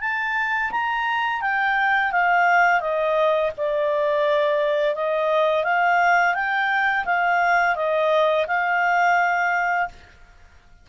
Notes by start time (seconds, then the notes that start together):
0.00 A5
0.71 A#5
1.41 G5
2.11 F5
2.80 D#5
3.57 D5
4.95 D#5
5.63 F5
6.34 G5
7.05 F5
7.75 D#5
8.47 F5